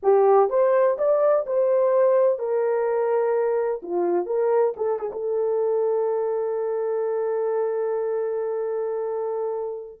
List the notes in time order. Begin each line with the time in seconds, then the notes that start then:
0.02 G4
0.49 C5
0.98 D5
1.46 C5
2.38 A#4
3.82 F4
4.26 A#4
4.76 A4
4.99 G#4
5.12 A4